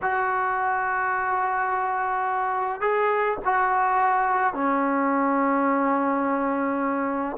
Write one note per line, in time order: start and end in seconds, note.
0.02 2.80 F#4
2.80 3.37 G#4
3.44 4.53 F#4
4.53 7.36 C#4